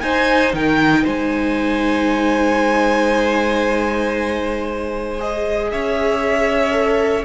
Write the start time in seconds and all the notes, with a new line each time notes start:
0.00 D#4 C5 G#5
0.53 D#3 A#4 G5
1.03 G#3 C5 G#5
5.18 G#4 D#5
5.71 C#4 C#5 E5
6.71 A4